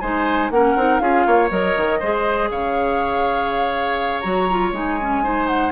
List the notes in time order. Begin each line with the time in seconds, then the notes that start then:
0.00 G#3 D#4 C5 G#5
0.50 A#3 C#4 A#4 F#5
0.75 C4 D#4
0.99 C#4 F4 G#4 F5
1.26 A#3 C#5
1.49 F#3 A#4 D#5
1.76 D#3
1.99 G#3 G#4 C5
2.50 C#3 C#5 F5
4.20 F#3 F#4 A#5
4.50 F4
4.71 G#3 D#4 G#5
5.01 C#4
5.23 D#4 C5
5.47 F#5